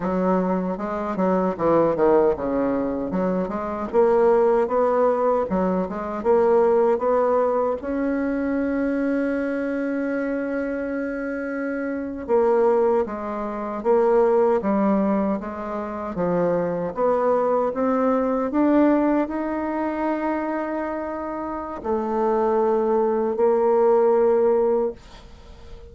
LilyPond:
\new Staff \with { instrumentName = "bassoon" } { \time 4/4 \tempo 4 = 77 fis4 gis8 fis8 e8 dis8 cis4 | fis8 gis8 ais4 b4 fis8 gis8 | ais4 b4 cis'2~ | cis'2.~ cis'8. ais16~ |
ais8. gis4 ais4 g4 gis16~ | gis8. f4 b4 c'4 d'16~ | d'8. dis'2.~ dis'16 | a2 ais2 | }